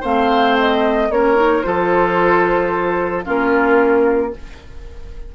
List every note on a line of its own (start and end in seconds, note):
0.00 1.09 A3
0.00 1.10 C4
0.00 1.07 C5
0.00 0.57 F5
0.58 1.11 D#5
1.09 1.63 A#3
1.09 1.35 C#4
1.09 1.66 A#4
1.09 1.62 C#5
1.35 1.62 D#4
1.62 3.26 F3
1.62 3.24 F4
1.62 3.25 A4
1.62 3.23 C5
3.24 4.34 A#3
3.24 4.31 C#4
3.24 4.32 F4
3.24 4.34 A#4